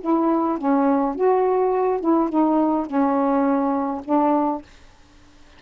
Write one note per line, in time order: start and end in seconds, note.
0.00 0.58 E4
0.58 1.15 C#4
1.15 2.00 F#4
2.00 2.29 E4
2.29 2.86 D#4
2.86 4.01 C#4
4.04 4.62 D4